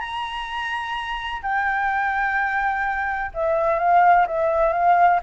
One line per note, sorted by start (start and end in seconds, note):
0.00 1.42 A#5
1.42 3.31 G5
3.34 3.79 E5
3.79 4.26 F5
4.26 4.73 E5
4.73 5.20 F5